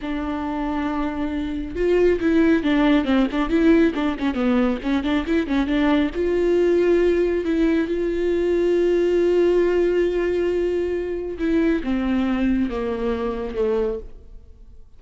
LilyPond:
\new Staff \with { instrumentName = "viola" } { \time 4/4 \tempo 4 = 137 d'1 | f'4 e'4 d'4 c'8 d'8 | e'4 d'8 cis'8 b4 cis'8 d'8 | e'8 cis'8 d'4 f'2~ |
f'4 e'4 f'2~ | f'1~ | f'2 e'4 c'4~ | c'4 ais2 a4 | }